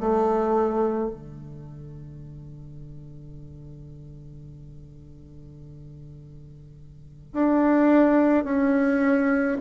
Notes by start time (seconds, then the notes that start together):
0.00 A3
1.11 D3
7.33 D4
8.44 C#4